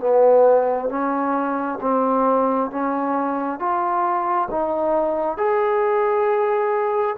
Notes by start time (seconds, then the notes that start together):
0.00 B3
0.89 C#4
1.81 C4
2.71 C#4
3.59 F4
4.51 D#4
5.37 G#4